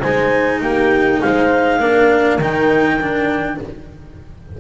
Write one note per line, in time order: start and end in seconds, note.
0.00 0.62 G#3
0.00 1.81 D#4
0.00 0.59 C5
0.00 0.60 G#5
0.61 1.22 A#3
0.61 1.21 G4
0.61 1.22 G5
1.21 1.80 G#3
1.21 1.80 C5
1.21 2.40 F5
1.80 2.39 A#3
1.80 2.40 D4
1.80 3.59 A#4
2.39 3.58 D#3
2.39 3.01 D#4
2.39 3.60 G5
3.01 3.61 D4